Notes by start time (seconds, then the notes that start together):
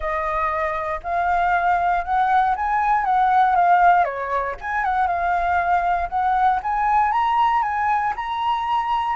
0.00 D#5
1.03 F5
2.04 F#5
2.55 G#5
3.05 F#5
3.55 F5
4.04 C#5
4.61 G#5
4.84 F#5
5.07 F5
6.09 F#5
6.62 G#5
7.12 A#5
7.62 G#5
8.16 A#5